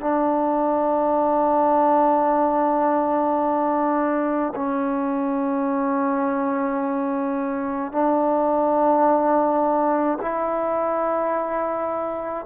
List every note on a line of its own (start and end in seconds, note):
0.00 4.53 D4
4.55 7.92 C#4
7.92 10.18 D4
10.21 12.45 E4